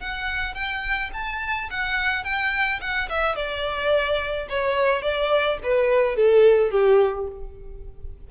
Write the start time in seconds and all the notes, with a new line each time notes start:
0.00 F#5
0.55 G5
1.14 A5
1.71 F#5
2.24 G5
2.81 F#5
3.09 E5
3.36 D5
4.49 C#5
5.02 D5
5.64 B4
6.16 A4
6.71 G4